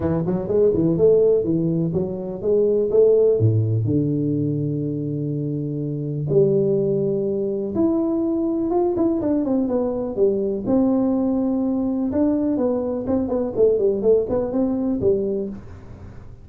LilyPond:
\new Staff \with { instrumentName = "tuba" } { \time 4/4 \tempo 4 = 124 e8 fis8 gis8 e8 a4 e4 | fis4 gis4 a4 a,4 | d1~ | d4 g2. |
e'2 f'8 e'8 d'8 c'8 | b4 g4 c'2~ | c'4 d'4 b4 c'8 b8 | a8 g8 a8 b8 c'4 g4 | }